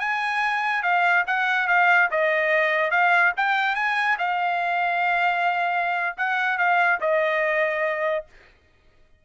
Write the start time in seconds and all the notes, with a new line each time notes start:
0.00 G#5
0.83 F5
1.27 F#5
1.68 F5
2.11 D#5
2.91 F5
3.37 G5
3.76 G#5
4.19 F5
6.18 F#5
6.59 F5
7.01 D#5